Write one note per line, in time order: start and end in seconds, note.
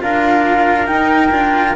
0.00 0.90 D4
0.00 0.86 F4
0.00 1.76 A#4
0.00 0.87 F5
0.86 1.30 D#4
0.86 1.31 D#4
0.86 1.75 G5
1.31 1.75 D4
1.31 1.75 F4